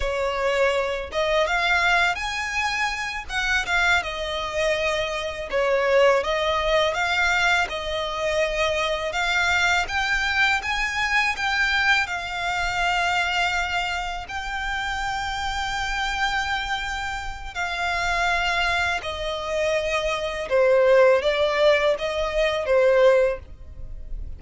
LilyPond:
\new Staff \with { instrumentName = "violin" } { \time 4/4 \tempo 4 = 82 cis''4. dis''8 f''4 gis''4~ | gis''8 fis''8 f''8 dis''2 cis''8~ | cis''8 dis''4 f''4 dis''4.~ | dis''8 f''4 g''4 gis''4 g''8~ |
g''8 f''2. g''8~ | g''1 | f''2 dis''2 | c''4 d''4 dis''4 c''4 | }